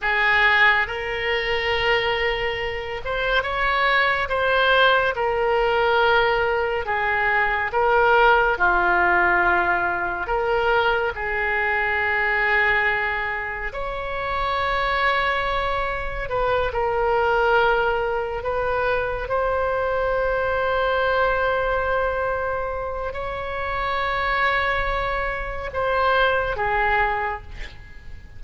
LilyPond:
\new Staff \with { instrumentName = "oboe" } { \time 4/4 \tempo 4 = 70 gis'4 ais'2~ ais'8 c''8 | cis''4 c''4 ais'2 | gis'4 ais'4 f'2 | ais'4 gis'2. |
cis''2. b'8 ais'8~ | ais'4. b'4 c''4.~ | c''2. cis''4~ | cis''2 c''4 gis'4 | }